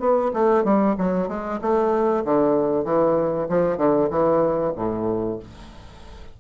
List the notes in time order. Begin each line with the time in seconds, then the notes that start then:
0.00 B3
0.34 A3
0.65 G3
0.98 F#3
1.29 G#3
1.62 A3
2.25 D3
2.85 E3
3.49 F3
3.78 D3
4.11 E3
4.76 A2